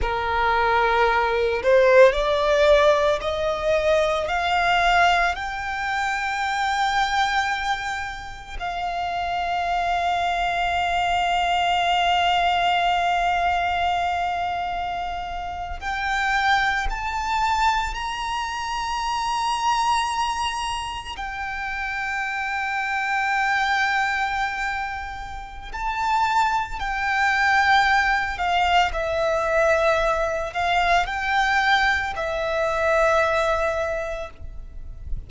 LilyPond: \new Staff \with { instrumentName = "violin" } { \time 4/4 \tempo 4 = 56 ais'4. c''8 d''4 dis''4 | f''4 g''2. | f''1~ | f''2~ f''8. g''4 a''16~ |
a''8. ais''2. g''16~ | g''1 | a''4 g''4. f''8 e''4~ | e''8 f''8 g''4 e''2 | }